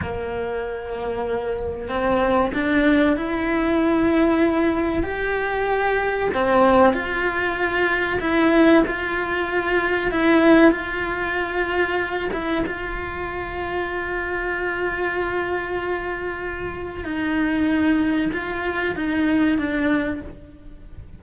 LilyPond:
\new Staff \with { instrumentName = "cello" } { \time 4/4 \tempo 4 = 95 ais2. c'4 | d'4 e'2. | g'2 c'4 f'4~ | f'4 e'4 f'2 |
e'4 f'2~ f'8 e'8 | f'1~ | f'2. dis'4~ | dis'4 f'4 dis'4 d'4 | }